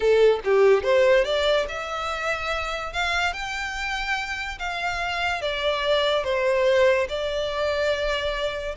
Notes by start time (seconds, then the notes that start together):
0.00 A4
0.44 G4
0.83 C5
1.24 D5
1.68 E5
2.92 F5
3.33 G5
4.58 F5
5.41 D5
6.23 C5
7.09 D5